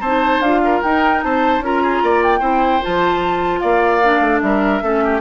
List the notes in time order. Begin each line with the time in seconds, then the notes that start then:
0.00 C4 D#4 C5 A5
0.40 D4 F4 F5
0.64 A#4
0.82 D#4 G5
1.22 C4 C5 A5
1.59 C#4 F4 A#4 A#5
1.82 G#4
2.02 A#3 D5
2.23 G5
2.39 C4 E4 C5
2.82 F3 F4 A5
3.59 A#3 D5 F5
4.03 D4
4.20 A3
4.40 G3 A#4 E5
4.82 A3 C#4 A4
5.04 G4